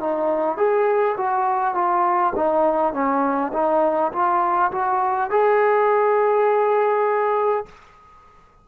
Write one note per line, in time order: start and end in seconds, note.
0.00 0.57 D#4
0.57 1.16 G#4
1.17 1.74 F#4
1.74 2.33 F4
2.35 2.93 D#4
2.93 3.51 C#4
3.53 4.12 D#4
4.12 4.71 F4
4.71 5.30 F#4
5.30 7.65 G#4